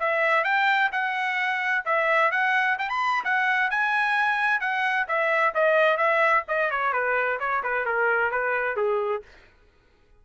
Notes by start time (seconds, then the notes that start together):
0.00 E5
0.44 G5
0.92 F#5
1.85 E5
2.32 F#5
2.78 G5
2.89 B5
3.25 F#5
3.70 G#5
4.60 F#5
5.08 E5
5.55 D#5
5.97 E5
6.48 D#5
6.71 C#5
6.93 B4
7.40 C#5
7.63 B4
7.86 A#4
8.31 B4
8.76 G#4